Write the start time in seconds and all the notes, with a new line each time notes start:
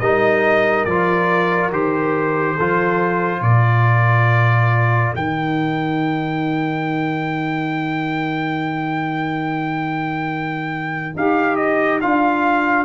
0.00 G3 D#4 A#4 D#5
0.85 F3 F4 D5
1.71 D#3 G4 C5
2.56 F3 F4 A4
3.41 A#2 A#4 D5
5.15 D#3 D#4 G5
11.16 D#4 G4 F5
11.56 D#5
12.01 D4 F4 F5